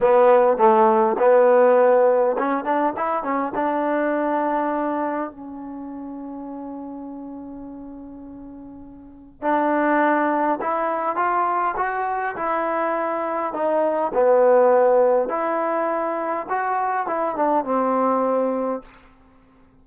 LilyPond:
\new Staff \with { instrumentName = "trombone" } { \time 4/4 \tempo 4 = 102 b4 a4 b2 | cis'8 d'8 e'8 cis'8 d'2~ | d'4 cis'2.~ | cis'1 |
d'2 e'4 f'4 | fis'4 e'2 dis'4 | b2 e'2 | fis'4 e'8 d'8 c'2 | }